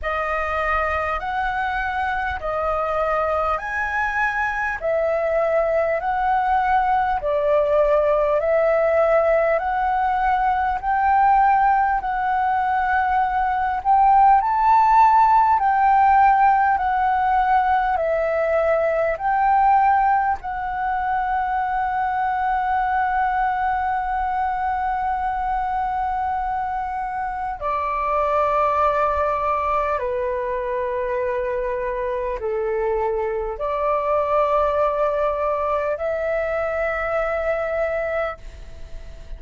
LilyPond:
\new Staff \with { instrumentName = "flute" } { \time 4/4 \tempo 4 = 50 dis''4 fis''4 dis''4 gis''4 | e''4 fis''4 d''4 e''4 | fis''4 g''4 fis''4. g''8 | a''4 g''4 fis''4 e''4 |
g''4 fis''2.~ | fis''2. d''4~ | d''4 b'2 a'4 | d''2 e''2 | }